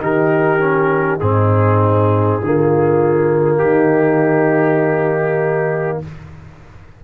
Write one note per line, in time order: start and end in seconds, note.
0.00 1.21 D#3
0.00 0.59 D#4
0.00 1.21 G4
0.00 1.20 A#4
0.59 1.20 C#4
1.20 2.41 G#2
1.20 2.41 C4
1.20 2.42 D#4
1.20 3.58 G#4
2.43 3.61 D3
2.43 6.04 A#3
2.43 3.63 F4
3.58 6.01 D#3
3.58 6.03 D#4
3.58 5.98 G4